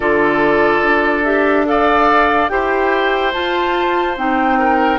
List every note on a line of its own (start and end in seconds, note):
0.00 0.80 D3
0.00 1.24 F4
0.00 1.65 A4
0.00 1.24 D5
0.82 2.49 D4
1.24 1.65 G4
1.24 1.65 E5
1.65 2.49 A4
1.65 2.51 D5
1.65 2.48 F5
2.48 3.34 E4
2.48 3.32 G4
2.48 4.59 C5
2.48 3.32 G5
3.32 4.17 F4
3.32 4.16 F4
3.32 4.16 A5
4.16 4.99 C4
4.16 4.99 D#4
4.16 4.99 G5
4.59 4.99 A#4